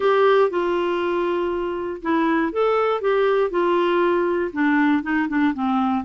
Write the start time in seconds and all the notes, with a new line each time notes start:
0.00 G4
0.50 F4
2.01 E4
2.52 A4
3.01 G4
3.50 F4
4.52 D4
5.02 D#4
5.28 D4
5.53 C4